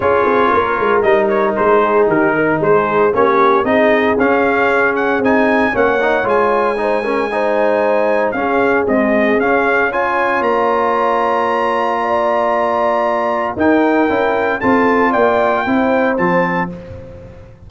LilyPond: <<
  \new Staff \with { instrumentName = "trumpet" } { \time 4/4 \tempo 4 = 115 cis''2 dis''8 cis''8 c''4 | ais'4 c''4 cis''4 dis''4 | f''4. fis''8 gis''4 fis''4 | gis''1 |
f''4 dis''4 f''4 gis''4 | ais''1~ | ais''2 g''2 | a''4 g''2 a''4 | }
  \new Staff \with { instrumentName = "horn" } { \time 4/4 gis'4 ais'2~ ais'8 gis'8 | g'8 ais'8 gis'4 g'4 gis'4~ | gis'2. cis''4~ | cis''4 c''8 ais'8 c''2 |
gis'2. cis''4~ | cis''2. d''4~ | d''2 ais'2 | a'4 d''4 c''2 | }
  \new Staff \with { instrumentName = "trombone" } { \time 4/4 f'2 dis'2~ | dis'2 cis'4 dis'4 | cis'2 dis'4 cis'8 dis'8 | f'4 dis'8 cis'8 dis'2 |
cis'4 gis4 cis'4 f'4~ | f'1~ | f'2 dis'4 e'4 | f'2 e'4 c'4 | }
  \new Staff \with { instrumentName = "tuba" } { \time 4/4 cis'8 c'8 ais8 gis8 g4 gis4 | dis4 gis4 ais4 c'4 | cis'2 c'4 ais4 | gis1 |
cis'4 c'4 cis'2 | ais1~ | ais2 dis'4 cis'4 | c'4 ais4 c'4 f4 | }
>>